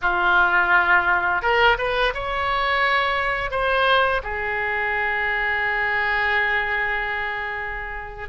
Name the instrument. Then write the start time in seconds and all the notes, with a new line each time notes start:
oboe
0.01 F4
1.41 A#4
1.78 B4
2.14 C#5
3.51 C5
4.23 G#4